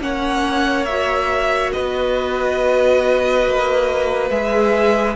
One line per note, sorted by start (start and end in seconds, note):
0.00 1.72 A#3
0.00 0.86 C#4
0.00 1.73 C#5
0.00 0.85 F#5
0.85 4.31 F#4
0.85 1.70 E5
1.72 3.46 B3
1.72 5.16 B4
1.72 4.29 D#5
3.46 4.30 A#3
4.30 5.16 G#3
4.30 5.16 G#4
4.30 5.16 E5